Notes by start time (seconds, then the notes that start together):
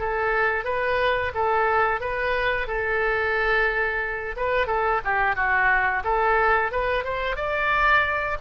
0.00 A4
0.65 B4
1.35 A4
2.01 B4
2.68 A4
4.37 B4
4.67 A4
5.05 G4
5.36 F#4
6.05 A4
6.72 B4
7.04 C5
7.37 D5